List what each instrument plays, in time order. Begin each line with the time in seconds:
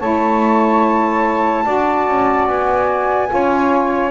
0.00 double bass A3, saxophone E4 C#5, flute A5
1.65 double bass D4, saxophone F#4 D5
2.07 double bass C#4
2.47 double bass B3, flute G#5
3.28 double bass C#4, saxophone F4 C#5